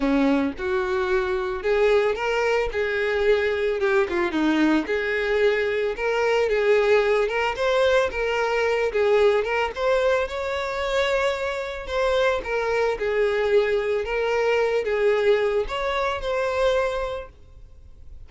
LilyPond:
\new Staff \with { instrumentName = "violin" } { \time 4/4 \tempo 4 = 111 cis'4 fis'2 gis'4 | ais'4 gis'2 g'8 f'8 | dis'4 gis'2 ais'4 | gis'4. ais'8 c''4 ais'4~ |
ais'8 gis'4 ais'8 c''4 cis''4~ | cis''2 c''4 ais'4 | gis'2 ais'4. gis'8~ | gis'4 cis''4 c''2 | }